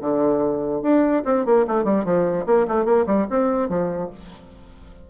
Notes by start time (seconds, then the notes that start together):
0.00 D3
0.82 D4
1.25 C4
1.45 A#3
1.67 A3
1.84 G3
2.04 F3
2.46 A#3
2.67 A3
2.85 A#3
3.06 G3
3.29 C4
3.68 F3